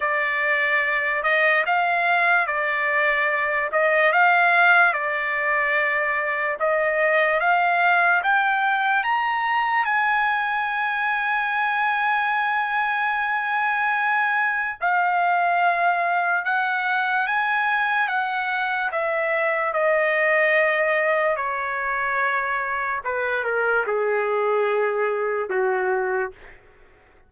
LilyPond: \new Staff \with { instrumentName = "trumpet" } { \time 4/4 \tempo 4 = 73 d''4. dis''8 f''4 d''4~ | d''8 dis''8 f''4 d''2 | dis''4 f''4 g''4 ais''4 | gis''1~ |
gis''2 f''2 | fis''4 gis''4 fis''4 e''4 | dis''2 cis''2 | b'8 ais'8 gis'2 fis'4 | }